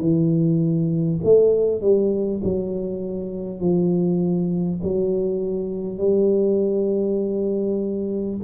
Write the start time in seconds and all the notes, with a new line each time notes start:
0.00 E3
1.24 A3
1.82 G3
2.44 F#3
3.61 F3
4.83 F#3
5.98 G3